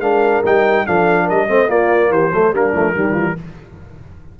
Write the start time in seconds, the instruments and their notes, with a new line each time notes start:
0.00 tuba G#3, trombone D4, horn A#4, trumpet F5
0.44 tuba G3, trombone D#4, trumpet G5
0.87 tuba F3, trombone D4, horn A4, trumpet F5
1.25 tuba G3, horn A#4, trumpet D#5
1.48 tuba A3, trombone C4, horn C5
1.69 tuba A#3, trombone A#3, horn F4, trumpet D5
2.10 tuba E3, horn G4, trumpet C5
2.31 tuba F#3, trombone A3, horn A4
2.52 tuba G3, trombone A#3, horn D4, trumpet A#4
2.74 tuba F3, trombone A3
2.95 tuba D#3, trombone G3, horn G4
3.13 tuba E3, horn F4